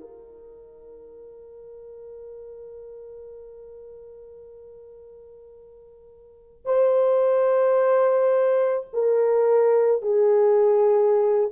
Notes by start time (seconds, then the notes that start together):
0.00 A#4
6.65 C5
8.93 A#4
10.02 G#4